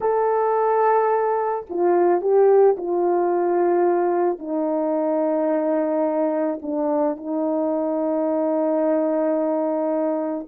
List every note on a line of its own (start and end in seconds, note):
0.01 1.66 A4
1.69 2.21 F4
2.21 2.76 G4
2.77 4.39 F4
4.39 6.59 D#4
6.62 7.17 D4
7.17 10.47 D#4